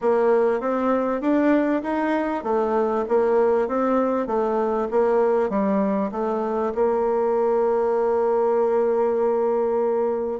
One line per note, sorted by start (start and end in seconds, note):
0.01 0.60 A#3
0.60 1.21 C4
1.21 1.82 D4
1.83 2.43 D#4
2.43 3.04 A3
3.08 3.68 A#3
3.68 4.27 C4
4.27 4.88 A3
4.90 5.49 A#3
5.49 6.11 G3
6.11 6.73 A3
6.75 10.39 A#3